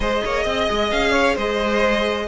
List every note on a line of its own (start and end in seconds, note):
0.00 0.22 G#3
0.00 2.28 G#4
0.00 0.23 C5
0.00 0.90 D#5
0.24 0.45 A#3
0.24 0.43 C#5
0.43 0.68 C4
0.43 1.11 D#5
0.70 0.92 G#3
0.90 1.36 C#4
0.90 1.36 F5
1.11 1.34 C#5
1.34 2.28 G#3
1.34 2.26 C5
1.34 2.28 D#5